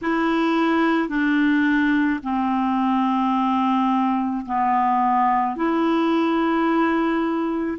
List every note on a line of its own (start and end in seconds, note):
0.02 1.09 E4
1.09 2.20 D4
2.23 4.45 C4
4.45 5.56 B3
5.56 7.78 E4